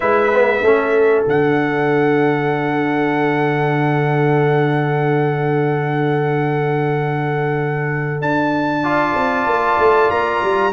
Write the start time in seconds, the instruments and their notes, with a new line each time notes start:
0.00 tuba G#3, trombone E4, horn B4, trumpet E5
0.33 trombone B3
0.61 tuba A3, trombone C#4, horn A4
1.26 tuba D3, trombone D4, trumpet F#5
8.20 tuba D4, trumpet A5
8.82 trombone F4, horn D5
9.14 tuba C4
9.46 tuba A#3
9.78 tuba A3
10.10 tuba A#3, trumpet A#5
10.42 tuba G3